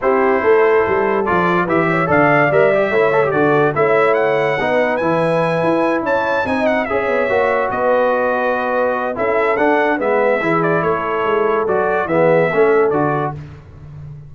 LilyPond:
<<
  \new Staff \with { instrumentName = "trumpet" } { \time 4/4 \tempo 4 = 144 c''2. d''4 | e''4 f''4 e''2 | d''4 e''4 fis''2 | gis''2~ gis''8 a''4 gis''8 |
fis''8 e''2 dis''4.~ | dis''2 e''4 fis''4 | e''4. d''8 cis''2 | d''4 e''2 d''4 | }
  \new Staff \with { instrumentName = "horn" } { \time 4/4 g'4 a'2. | b'8 cis''8 d''2 cis''4 | a'4 cis''2 b'4~ | b'2~ b'8 cis''4 dis''8~ |
dis''8 cis''2 b'4.~ | b'2 a'2 | b'4 gis'4 a'2~ | a'4 gis'4 a'2 | }
  \new Staff \with { instrumentName = "trombone" } { \time 4/4 e'2. f'4 | g'4 a'4 ais'8 g'8 e'8 a'16 g'16 | fis'4 e'2 dis'4 | e'2.~ e'8 dis'8~ |
dis'8 gis'4 fis'2~ fis'8~ | fis'2 e'4 d'4 | b4 e'2. | fis'4 b4 cis'4 fis'4 | }
  \new Staff \with { instrumentName = "tuba" } { \time 4/4 c'4 a4 g4 f4 | e4 d4 g4 a4 | d4 a2 b4 | e4. e'4 cis'4 c'8~ |
c'8 cis'8 b8 ais4 b4.~ | b2 cis'4 d'4 | gis4 e4 a4 gis4 | fis4 e4 a4 d4 | }
>>